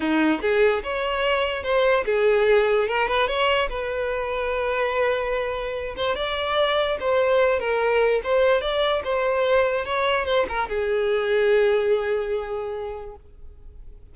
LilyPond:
\new Staff \with { instrumentName = "violin" } { \time 4/4 \tempo 4 = 146 dis'4 gis'4 cis''2 | c''4 gis'2 ais'8 b'8 | cis''4 b'2.~ | b'2~ b'8 c''8 d''4~ |
d''4 c''4. ais'4. | c''4 d''4 c''2 | cis''4 c''8 ais'8 gis'2~ | gis'1 | }